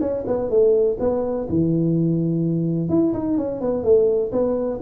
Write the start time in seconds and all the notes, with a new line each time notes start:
0.00 C#4
0.26 B3
0.49 A3
0.99 B3
1.49 E3
2.89 E4
3.13 D#4
3.37 C#4
3.60 B3
3.83 A3
4.32 B3